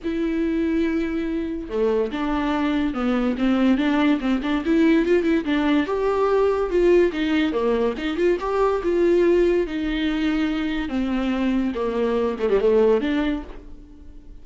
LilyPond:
\new Staff \with { instrumentName = "viola" } { \time 4/4 \tempo 4 = 143 e'1 | a4 d'2 b4 | c'4 d'4 c'8 d'8 e'4 | f'8 e'8 d'4 g'2 |
f'4 dis'4 ais4 dis'8 f'8 | g'4 f'2 dis'4~ | dis'2 c'2 | ais4. a16 g16 a4 d'4 | }